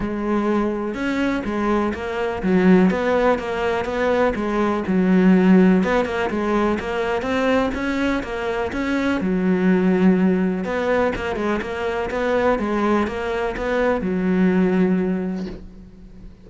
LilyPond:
\new Staff \with { instrumentName = "cello" } { \time 4/4 \tempo 4 = 124 gis2 cis'4 gis4 | ais4 fis4 b4 ais4 | b4 gis4 fis2 | b8 ais8 gis4 ais4 c'4 |
cis'4 ais4 cis'4 fis4~ | fis2 b4 ais8 gis8 | ais4 b4 gis4 ais4 | b4 fis2. | }